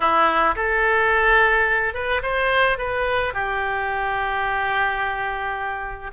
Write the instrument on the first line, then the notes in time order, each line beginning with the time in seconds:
oboe
0.00 E4
0.55 A4
1.93 B4
2.22 C5
2.78 B4
3.33 G4